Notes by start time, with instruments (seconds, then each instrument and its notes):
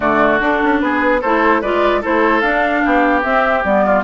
0.00 bassoon D3, clarinet A3, oboe F#4, flute D5
0.39 clarinet D4, bassoon D4, flute A4
0.63 bassoon C#4
0.80 bassoon B3, oboe G#4, flute B4
1.21 bassoon A3, clarinet E4, oboe A4, flute C5
1.61 bassoon G#3, clarinet F4, oboe B4, flute D5
2.01 bassoon A3, clarinet E4, oboe A4, flute C5
2.40 bassoon D4, clarinet D4, flute F5
2.84 bassoon B3, oboe G4
3.23 clarinet C4, bassoon C4, flute E5
3.64 bassoon G3, clarinet B3, flute D5
3.85 oboe F4